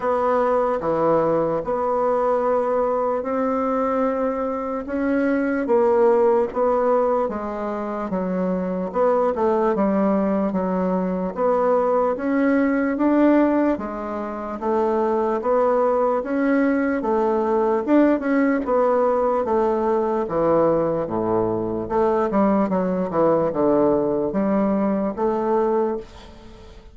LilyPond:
\new Staff \with { instrumentName = "bassoon" } { \time 4/4 \tempo 4 = 74 b4 e4 b2 | c'2 cis'4 ais4 | b4 gis4 fis4 b8 a8 | g4 fis4 b4 cis'4 |
d'4 gis4 a4 b4 | cis'4 a4 d'8 cis'8 b4 | a4 e4 a,4 a8 g8 | fis8 e8 d4 g4 a4 | }